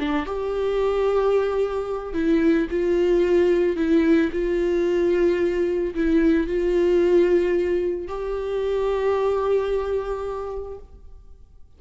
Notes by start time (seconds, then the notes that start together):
0.00 D4
0.26 G4
2.14 E4
2.71 F4
3.77 E4
4.32 F4
5.95 E4
6.47 F4
8.08 G4